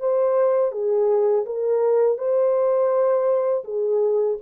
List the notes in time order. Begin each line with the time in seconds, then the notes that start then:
0.00 C5
0.72 G#4
1.46 A#4
2.18 C5
3.64 G#4